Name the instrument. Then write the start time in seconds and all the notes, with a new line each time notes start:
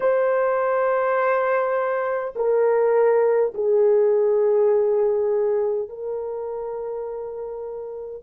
horn
0.00 C5
2.35 A#4
3.54 G#4
5.88 A#4